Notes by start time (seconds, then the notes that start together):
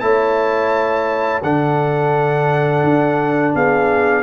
0.00 A3 E4 C#5 A5
1.42 D3 D4 A4 F#5
2.84 D4
3.55 B3 G#4 F5